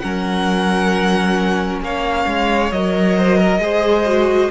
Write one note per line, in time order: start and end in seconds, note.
0.00 1.81 F#3
0.00 2.71 C#4
0.00 1.83 A#4
0.00 1.79 F#5
1.81 2.25 A#3
1.81 3.18 C#5
1.81 2.72 F5
2.27 2.71 G#3
2.72 3.59 F#3
2.72 3.61 A#4
2.72 4.51 D#5
3.18 3.38 C5
3.38 3.60 A#4
3.59 4.49 G#3
3.59 4.06 G#4
3.59 4.51 C5
4.06 4.51 F#4